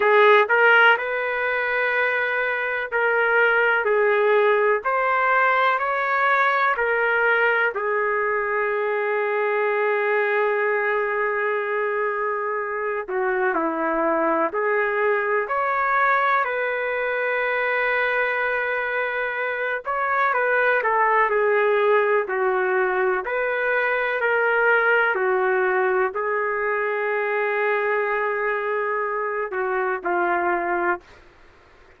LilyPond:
\new Staff \with { instrumentName = "trumpet" } { \time 4/4 \tempo 4 = 62 gis'8 ais'8 b'2 ais'4 | gis'4 c''4 cis''4 ais'4 | gis'1~ | gis'4. fis'8 e'4 gis'4 |
cis''4 b'2.~ | b'8 cis''8 b'8 a'8 gis'4 fis'4 | b'4 ais'4 fis'4 gis'4~ | gis'2~ gis'8 fis'8 f'4 | }